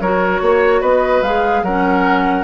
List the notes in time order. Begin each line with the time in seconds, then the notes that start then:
0.00 F#3 F#4 A#4 C#5
0.42 A#3 C#5
0.81 B3 B4 D#5
1.22 G#3 G#4 F5
1.63 F#3 C#4 A#4 F#5